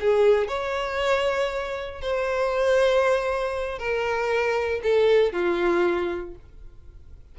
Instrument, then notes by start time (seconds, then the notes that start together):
violin
0.00 G#4
0.48 C#5
2.02 C5
3.79 A#4
4.83 A4
5.32 F4